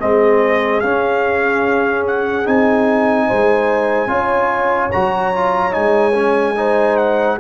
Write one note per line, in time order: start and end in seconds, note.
0.00 0.84 G#3
0.00 0.82 C4
0.00 3.27 G#4
0.00 0.80 D#5
0.80 2.44 C#4
0.80 2.47 C#4
0.80 2.03 F5
2.07 2.47 F#5
2.44 3.29 C4
2.44 4.08 D#4
2.44 4.91 G#5
3.27 4.07 G#3
3.27 4.09 C5
4.07 4.89 C#4
4.07 4.90 F4
4.07 6.57 C#5
4.91 5.75 F#3
4.91 5.34 F#4
4.91 5.73 A#5
5.34 5.71 F4
5.71 7.40 G#3
5.71 6.12 D#4
5.71 6.97 G#5
6.14 6.55 C#4
6.56 7.39 D#4
6.56 7.39 C5
6.97 7.38 F#5